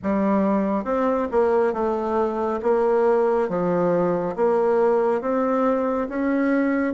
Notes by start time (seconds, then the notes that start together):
0.02 G3
0.84 C4
1.31 A#3
1.73 A3
2.62 A#3
3.48 F3
4.36 A#3
5.21 C4
6.09 C#4